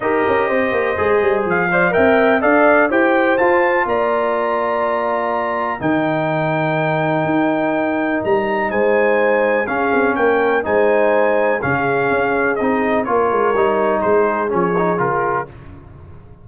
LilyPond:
<<
  \new Staff \with { instrumentName = "trumpet" } { \time 4/4 \tempo 4 = 124 dis''2. f''4 | g''4 f''4 g''4 a''4 | ais''1 | g''1~ |
g''4 ais''4 gis''2 | f''4 g''4 gis''2 | f''2 dis''4 cis''4~ | cis''4 c''4 cis''4 ais'4 | }
  \new Staff \with { instrumentName = "horn" } { \time 4/4 ais'4 c''2~ c''8 d''8 | e''4 d''4 c''2 | d''1 | ais'1~ |
ais'2 c''2 | gis'4 ais'4 c''2 | gis'2. ais'4~ | ais'4 gis'2. | }
  \new Staff \with { instrumentName = "trombone" } { \time 4/4 g'2 gis'4. c''8 | ais'4 a'4 g'4 f'4~ | f'1 | dis'1~ |
dis'1 | cis'2 dis'2 | cis'2 dis'4 f'4 | dis'2 cis'8 dis'8 f'4 | }
  \new Staff \with { instrumentName = "tuba" } { \time 4/4 dis'8 cis'8 c'8 ais8 gis8 g8 f4 | c'4 d'4 e'4 f'4 | ais1 | dis2. dis'4~ |
dis'4 g4 gis2 | cis'8 c'8 ais4 gis2 | cis4 cis'4 c'4 ais8 gis8 | g4 gis4 f4 cis4 | }
>>